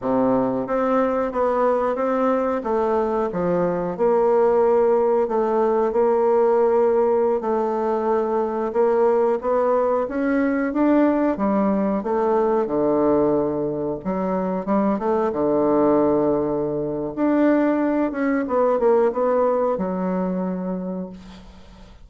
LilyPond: \new Staff \with { instrumentName = "bassoon" } { \time 4/4 \tempo 4 = 91 c4 c'4 b4 c'4 | a4 f4 ais2 | a4 ais2~ ais16 a8.~ | a4~ a16 ais4 b4 cis'8.~ |
cis'16 d'4 g4 a4 d8.~ | d4~ d16 fis4 g8 a8 d8.~ | d2 d'4. cis'8 | b8 ais8 b4 fis2 | }